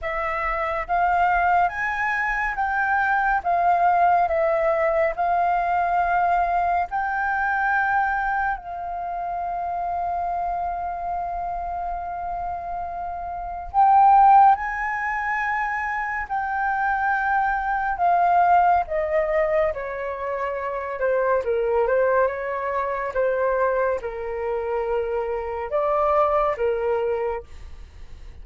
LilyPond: \new Staff \with { instrumentName = "flute" } { \time 4/4 \tempo 4 = 70 e''4 f''4 gis''4 g''4 | f''4 e''4 f''2 | g''2 f''2~ | f''1 |
g''4 gis''2 g''4~ | g''4 f''4 dis''4 cis''4~ | cis''8 c''8 ais'8 c''8 cis''4 c''4 | ais'2 d''4 ais'4 | }